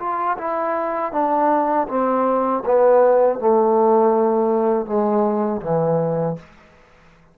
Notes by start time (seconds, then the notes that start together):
0.00 F4
0.38 E4
1.13 D4
1.89 C4
2.66 B3
3.39 A3
4.86 G#3
5.62 E3